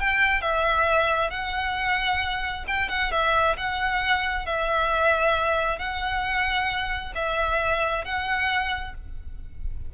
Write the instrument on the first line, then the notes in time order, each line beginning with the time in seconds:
violin
0.00 G5
0.42 E5
1.30 F#5
2.68 G5
2.89 F#5
3.12 E5
3.57 F#5
4.46 E5
5.79 F#5
7.15 E5
8.05 F#5